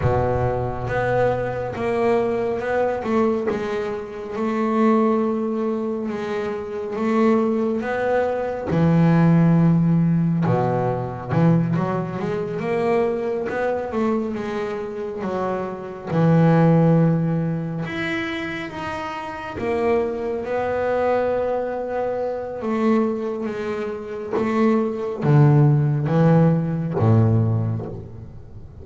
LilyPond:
\new Staff \with { instrumentName = "double bass" } { \time 4/4 \tempo 4 = 69 b,4 b4 ais4 b8 a8 | gis4 a2 gis4 | a4 b4 e2 | b,4 e8 fis8 gis8 ais4 b8 |
a8 gis4 fis4 e4.~ | e8 e'4 dis'4 ais4 b8~ | b2 a4 gis4 | a4 d4 e4 a,4 | }